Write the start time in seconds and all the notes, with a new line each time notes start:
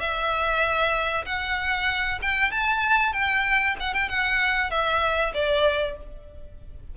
0.00 E5
1.26 F#5
2.22 G5
2.51 A5
3.13 G5
3.80 F#5
3.94 G5
4.09 F#5
4.70 E5
5.34 D5